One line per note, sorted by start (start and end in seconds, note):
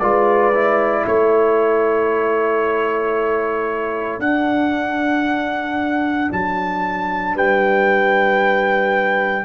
0.00 1.05 G#3
0.00 0.54 F4
0.00 1.04 B4
0.00 1.05 D5
0.54 4.21 E4
1.04 4.20 A3
1.04 7.35 A4
1.04 4.21 C#5
4.20 6.30 D4
4.20 9.46 D4
4.20 6.31 F#5
6.32 7.35 F#3
6.32 7.38 A5
7.35 9.46 G3
7.35 9.46 B4
7.35 9.46 G5